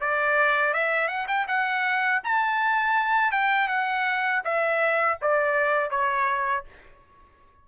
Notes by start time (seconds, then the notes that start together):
0.00 D5
0.73 E5
1.07 F#5
1.27 G5
1.47 F#5
2.24 A5
3.31 G5
3.67 F#5
4.44 E5
5.21 D5
5.90 C#5